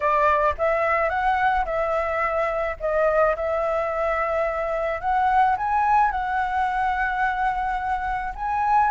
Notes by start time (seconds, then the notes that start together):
0.00 D5
0.57 E5
1.09 F#5
1.65 E5
2.80 D#5
3.36 E5
5.00 F#5
5.57 G#5
6.11 F#5
8.35 G#5